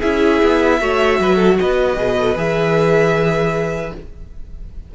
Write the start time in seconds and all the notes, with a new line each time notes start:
0.00 C#4 E4 G#4 E5
0.42 B3
0.80 A3 F#4 C#5
1.19 F#3 B4
1.35 A4
1.59 B3 B4 D#5
1.96 B2 G#4
2.18 A4
2.35 E3 G#4 E5